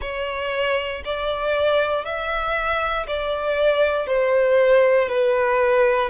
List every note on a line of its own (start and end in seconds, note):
0.01 1.03 C#5
1.04 2.04 D5
2.04 3.06 E5
3.07 4.07 D5
4.07 5.08 C5
5.08 6.09 B4